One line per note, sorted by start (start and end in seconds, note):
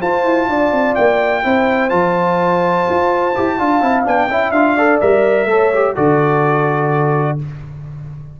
0.00 0.24 F4
0.00 1.43 F4
0.00 0.48 C5
0.00 0.95 A5
0.24 0.48 E4
0.48 0.72 D4
0.48 1.43 D5
0.72 0.95 C4
0.95 1.45 A#3
0.95 1.89 G5
1.43 1.91 C4
1.43 1.89 E4
1.43 3.58 C5
1.89 2.87 F3
1.89 3.32 F4
1.89 4.04 A5
2.89 3.37 F4
3.35 3.59 E4
3.35 3.58 G4
3.58 3.81 D4
3.58 3.81 F4
3.58 4.30 F5
3.81 4.05 C4
3.81 4.04 E4
4.04 4.27 B3
4.04 4.28 D4
4.04 4.51 G5
4.27 4.51 C#4
4.27 4.54 E4
4.27 4.75 E5
4.51 4.99 D4
4.51 4.78 F4
4.51 4.99 F5
4.75 5.01 A4
4.75 5.47 D5
5.00 5.45 G3
5.00 5.49 A#4
5.00 5.95 E5
5.45 5.93 A3
5.45 5.73 A4
5.45 5.94 C#5
5.73 5.96 G4
5.94 7.40 D3
5.94 7.38 F#4
5.94 7.37 A4
5.94 7.38 D5